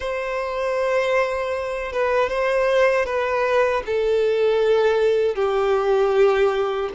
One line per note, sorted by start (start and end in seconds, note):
0.00 1.92 C5
1.92 2.29 B4
2.29 3.05 C5
3.05 3.82 B4
3.85 5.35 A4
5.35 6.89 G4